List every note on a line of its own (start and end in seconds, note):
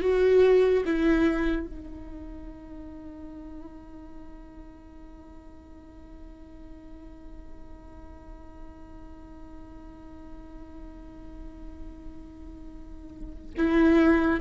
0.00 0.83 F#4
0.85 1.66 E4
1.66 13.54 D#4
13.56 14.40 E4